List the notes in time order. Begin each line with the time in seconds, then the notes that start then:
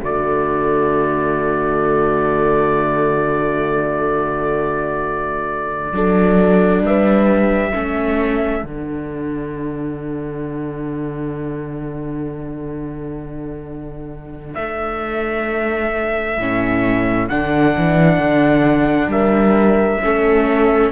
0.00 D3 A3 F#4 D5
5.92 F#3 D4 A4
6.82 G3 B4 E5
7.72 A3 C#4 A4
8.63 D3 D4 F#5
14.54 A3 E5
16.38 A2 C#4
17.29 D3 D4 F#5
17.77 E3
18.18 D3
19.07 G3 A#4 E5
20.02 A3 C#4 A4